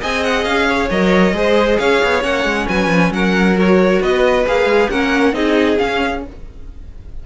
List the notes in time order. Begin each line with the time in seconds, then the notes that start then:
0.00 C4 G#4 D#5 G#5
0.24 F#5
0.44 C#4 F5
0.68 C#5
0.90 F#3 A#4 D#5
1.32 G#3 G#4 C5
1.78 C#4 C#5 F5
2.03 B3
2.21 A#3 C#4 F#5
2.44 G#3
2.68 F#3 B4 G#5
2.87 F3
3.11 F#3 A#4 F#5
3.56 F#4 C#5
4.01 B3 B4 D#5
4.47 A#3 G#4 F5
4.65 G#3
4.90 A#3 C#4 A#4 F#5
5.32 C4 D#4 G#4 D#5
5.78 C#4 F5